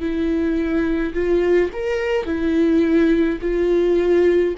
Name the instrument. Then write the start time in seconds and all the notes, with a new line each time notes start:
viola
0.00 E4
1.14 F4
1.73 A#4
2.25 E4
3.41 F4